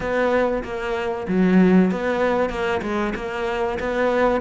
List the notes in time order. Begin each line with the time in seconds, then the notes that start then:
0.00 B3
0.63 A#3
1.27 F#3
1.91 B3
2.49 A#3
2.82 G#3
3.15 A#3
3.79 B3